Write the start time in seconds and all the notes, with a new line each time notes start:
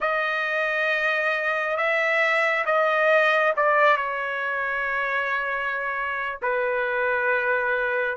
0.00 D#5
1.76 E5
2.65 D#5
3.56 D5
3.97 C#5
6.42 B4